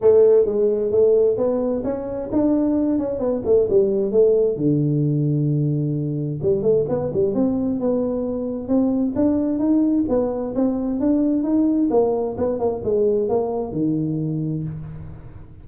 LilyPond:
\new Staff \with { instrumentName = "tuba" } { \time 4/4 \tempo 4 = 131 a4 gis4 a4 b4 | cis'4 d'4. cis'8 b8 a8 | g4 a4 d2~ | d2 g8 a8 b8 g8 |
c'4 b2 c'4 | d'4 dis'4 b4 c'4 | d'4 dis'4 ais4 b8 ais8 | gis4 ais4 dis2 | }